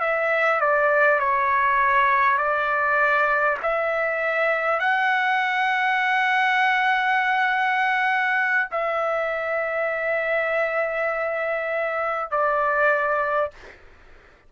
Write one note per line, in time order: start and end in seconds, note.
0.00 0.60 E5
0.61 1.19 D5
1.19 2.38 C#5
2.38 3.58 D5
3.62 4.79 E5
4.79 8.69 F#5
8.71 12.31 E5
12.31 13.51 D5